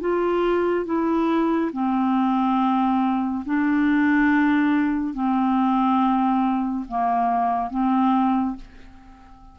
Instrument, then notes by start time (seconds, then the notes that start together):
clarinet
0.00 F4
0.85 E4
1.73 C4
3.46 D4
5.14 C4
6.88 A#3
7.70 C4